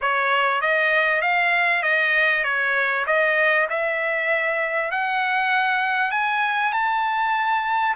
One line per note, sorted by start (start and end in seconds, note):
0.01 0.61 C#5
0.61 1.21 D#5
1.21 1.82 F5
1.82 2.44 D#5
2.44 3.05 C#5
3.06 3.67 D#5
3.69 4.91 E5
4.91 6.11 F#5
6.11 6.72 G#5
6.72 7.95 A5